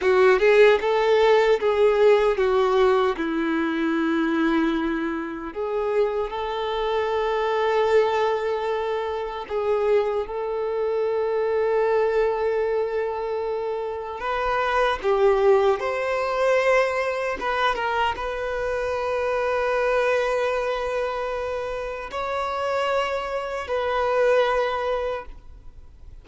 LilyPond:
\new Staff \with { instrumentName = "violin" } { \time 4/4 \tempo 4 = 76 fis'8 gis'8 a'4 gis'4 fis'4 | e'2. gis'4 | a'1 | gis'4 a'2.~ |
a'2 b'4 g'4 | c''2 b'8 ais'8 b'4~ | b'1 | cis''2 b'2 | }